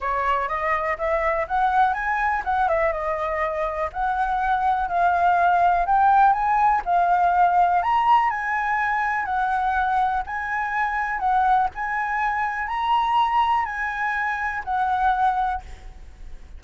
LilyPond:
\new Staff \with { instrumentName = "flute" } { \time 4/4 \tempo 4 = 123 cis''4 dis''4 e''4 fis''4 | gis''4 fis''8 e''8 dis''2 | fis''2 f''2 | g''4 gis''4 f''2 |
ais''4 gis''2 fis''4~ | fis''4 gis''2 fis''4 | gis''2 ais''2 | gis''2 fis''2 | }